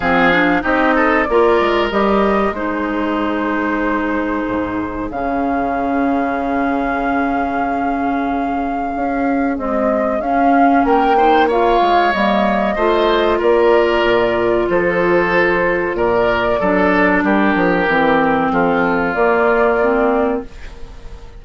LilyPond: <<
  \new Staff \with { instrumentName = "flute" } { \time 4/4 \tempo 4 = 94 f''4 dis''4 d''4 dis''4 | c''1 | f''1~ | f''2. dis''4 |
f''4 g''4 f''4 dis''4~ | dis''4 d''2 c''4~ | c''4 d''2 ais'4~ | ais'4 a'4 d''2 | }
  \new Staff \with { instrumentName = "oboe" } { \time 4/4 gis'4 g'8 a'8 ais'2 | gis'1~ | gis'1~ | gis'1~ |
gis'4 ais'8 c''8 cis''2 | c''4 ais'2 a'4~ | a'4 ais'4 a'4 g'4~ | g'4 f'2. | }
  \new Staff \with { instrumentName = "clarinet" } { \time 4/4 c'8 d'8 dis'4 f'4 g'4 | dis'1 | cis'1~ | cis'2. gis4 |
cis'4. dis'8 f'4 ais4 | f'1~ | f'2 d'2 | c'2 ais4 c'4 | }
  \new Staff \with { instrumentName = "bassoon" } { \time 4/4 f4 c'4 ais8 gis8 g4 | gis2. gis,4 | cis1~ | cis2 cis'4 c'4 |
cis'4 ais4. gis8 g4 | a4 ais4 ais,4 f4~ | f4 ais,4 fis4 g8 f8 | e4 f4 ais2 | }
>>